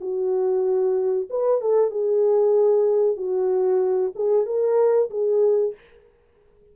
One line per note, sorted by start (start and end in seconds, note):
0.00 1.28 F#4
1.30 1.60 B4
1.60 1.90 A4
1.90 3.16 G#4
3.16 4.12 F#4
4.15 4.46 G#4
4.46 5.09 A#4
5.10 5.74 G#4